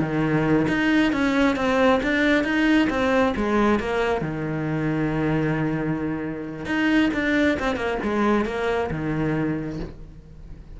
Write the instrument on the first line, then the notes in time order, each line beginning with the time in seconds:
cello
0.00 D#3
0.68 D#4
1.12 C#4
1.56 C4
2.03 D4
2.44 D#4
2.90 C4
3.36 G#3
3.80 A#3
4.21 D#3
6.65 D#4
7.14 D4
7.59 C4
7.76 A#3
8.03 G#3
8.45 A#3
8.91 D#3